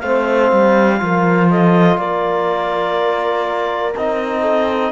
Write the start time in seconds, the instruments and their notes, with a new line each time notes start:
0.00 cello A3, trombone C4, horn C5, clarinet F5
0.52 cello G3
0.99 cello F3, trombone F4, horn A#4
1.51 horn A4, clarinet D#5
1.98 cello A#3, horn A#4, clarinet D5
3.97 cello C4, trombone D#4, clarinet D#5
4.42 horn A4